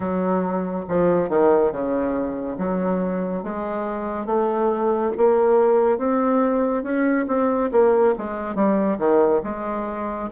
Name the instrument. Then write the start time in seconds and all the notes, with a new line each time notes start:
bassoon
0.00 F#3
0.88 F3
1.29 D#3
1.71 C#3
2.58 F#3
3.43 G#3
4.26 A3
5.17 A#3
5.98 C4
6.83 C#4
7.27 C4
7.71 A#3
8.17 G#3
8.55 G3
8.98 D#3
9.43 G#3